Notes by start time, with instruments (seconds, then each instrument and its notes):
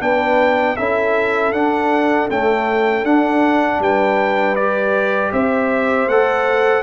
0.00 tuba B3, trombone D4, horn B4, trumpet G5
0.76 tuba C#4, trombone E4, horn A4, trumpet E5
1.52 tuba D4, trombone D4, trumpet F#5
2.30 trombone A3, tuba C#4, trumpet G5
3.03 tuba D4, trombone D4, trumpet F#5
3.79 tuba G3, horn B4, trumpet G5
4.55 trombone G4, trumpet D5
5.32 tuba C4, horn C5, trumpet E5
6.07 tuba A3, trombone A4, trumpet F#5